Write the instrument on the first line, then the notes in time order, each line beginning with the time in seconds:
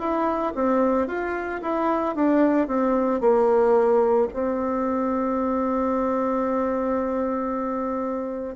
bassoon
0.00 E4
0.56 C4
1.08 F4
1.62 E4
2.16 D4
2.68 C4
3.21 A#3
4.34 C4